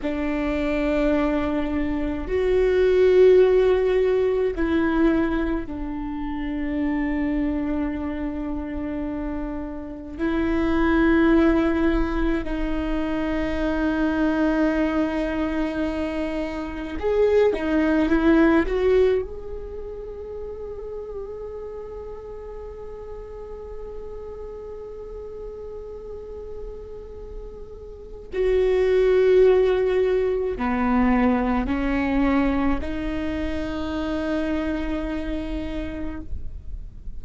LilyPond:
\new Staff \with { instrumentName = "viola" } { \time 4/4 \tempo 4 = 53 d'2 fis'2 | e'4 d'2.~ | d'4 e'2 dis'4~ | dis'2. gis'8 dis'8 |
e'8 fis'8 gis'2.~ | gis'1~ | gis'4 fis'2 b4 | cis'4 dis'2. | }